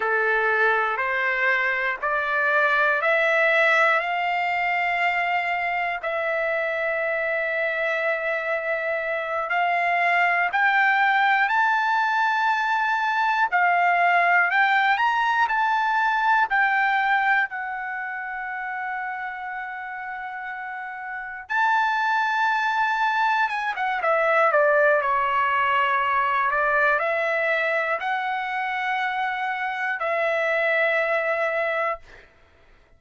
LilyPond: \new Staff \with { instrumentName = "trumpet" } { \time 4/4 \tempo 4 = 60 a'4 c''4 d''4 e''4 | f''2 e''2~ | e''4. f''4 g''4 a''8~ | a''4. f''4 g''8 ais''8 a''8~ |
a''8 g''4 fis''2~ fis''8~ | fis''4. a''2 gis''16 fis''16 | e''8 d''8 cis''4. d''8 e''4 | fis''2 e''2 | }